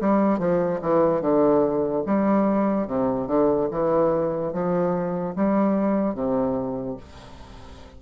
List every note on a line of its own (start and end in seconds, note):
0.00 0.38 G3
0.38 0.80 F3
0.81 1.21 E3
1.21 2.03 D3
2.06 2.87 G3
2.87 3.27 C3
3.27 3.68 D3
3.71 4.52 E3
4.52 5.35 F3
5.35 6.14 G3
6.14 6.96 C3